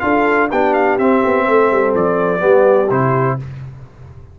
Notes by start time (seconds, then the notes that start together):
0.00 D4 F4 A4 F5
0.50 B3 D4 G4 G5
0.74 F5
0.99 C4 E5
1.26 B3
1.47 A3 A4
1.72 G3
1.95 F3 D5
2.39 G3 B3 G4
2.90 C3 E4 C5